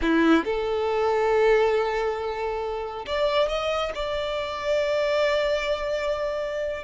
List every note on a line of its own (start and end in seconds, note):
0.01 0.44 E4
0.44 3.05 A4
3.06 3.48 D5
3.48 3.92 D#5
3.95 6.84 D5